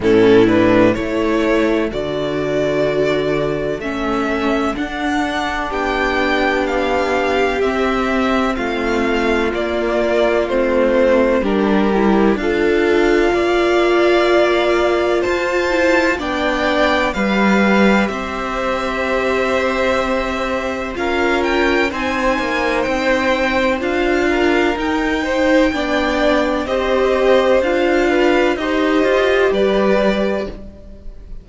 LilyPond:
<<
  \new Staff \with { instrumentName = "violin" } { \time 4/4 \tempo 4 = 63 a'8 b'8 cis''4 d''2 | e''4 fis''4 g''4 f''4 | e''4 f''4 d''4 c''4 | ais'4 f''2. |
a''4 g''4 f''4 e''4~ | e''2 f''8 g''8 gis''4 | g''4 f''4 g''2 | dis''4 f''4 dis''4 d''4 | }
  \new Staff \with { instrumentName = "violin" } { \time 4/4 e'4 a'2.~ | a'2 g'2~ | g'4 f'2. | g'4 a'4 d''2 |
c''4 d''4 b'4 c''4~ | c''2 ais'4 c''4~ | c''4. ais'4 c''8 d''4 | c''4. b'8 c''4 b'4 | }
  \new Staff \with { instrumentName = "viola" } { \time 4/4 cis'8 d'8 e'4 fis'2 | cis'4 d'2. | c'2 ais4 c'4 | d'8 e'8 f'2.~ |
f'8 e'8 d'4 g'2~ | g'2 f'4 dis'4~ | dis'4 f'4 dis'4 d'4 | g'4 f'4 g'2 | }
  \new Staff \with { instrumentName = "cello" } { \time 4/4 a,4 a4 d2 | a4 d'4 b2 | c'4 a4 ais4 a4 | g4 d'4 ais2 |
f'4 b4 g4 c'4~ | c'2 cis'4 c'8 ais8 | c'4 d'4 dis'4 b4 | c'4 d'4 dis'8 f'8 g4 | }
>>